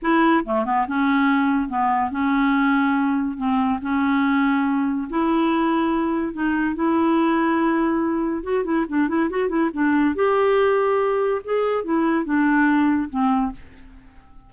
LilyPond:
\new Staff \with { instrumentName = "clarinet" } { \time 4/4 \tempo 4 = 142 e'4 a8 b8 cis'2 | b4 cis'2. | c'4 cis'2. | e'2. dis'4 |
e'1 | fis'8 e'8 d'8 e'8 fis'8 e'8 d'4 | g'2. gis'4 | e'4 d'2 c'4 | }